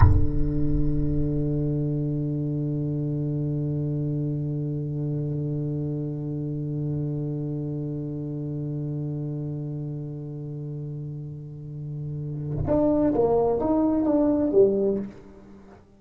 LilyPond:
\new Staff \with { instrumentName = "tuba" } { \time 4/4 \tempo 4 = 128 d1~ | d1~ | d1~ | d1~ |
d1~ | d1~ | d2. d'4 | ais4 dis'4 d'4 g4 | }